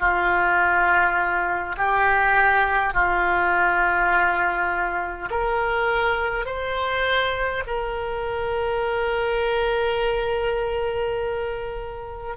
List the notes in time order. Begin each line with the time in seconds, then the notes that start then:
0.00 F4
1.78 G4
2.94 F4
5.31 A#4
6.46 C5
7.67 A#4